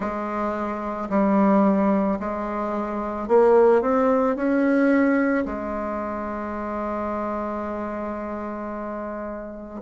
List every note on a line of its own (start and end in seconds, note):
0.00 1.09 G#3
1.09 2.18 G3
2.19 3.27 G#3
3.27 3.81 A#3
3.81 4.35 C4
4.35 5.44 C#4
5.45 9.81 G#3